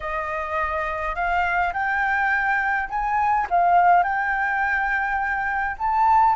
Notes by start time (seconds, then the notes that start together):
0.00 D#5
1.15 F5
1.73 G5
2.89 G#5
3.50 F5
4.03 G5
5.78 A5